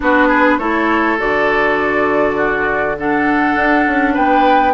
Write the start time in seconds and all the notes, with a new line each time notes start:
0.00 B3 D4 F#4 B4
0.27 G#4
0.58 A3 E4 A4 C#5
1.18 D3 F#4 D5
2.36 F#4
2.98 D4 A4 F#5
3.55 D4
3.87 C#4
4.13 B3 B4 G5